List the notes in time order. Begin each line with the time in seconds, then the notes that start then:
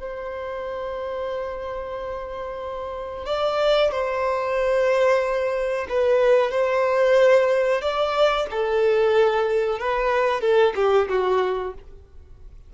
0.00 C5
3.26 D5
3.92 C5
5.89 B4
6.51 C5
7.81 D5
8.51 A4
9.79 B4
10.41 A4
10.75 G4
11.09 F#4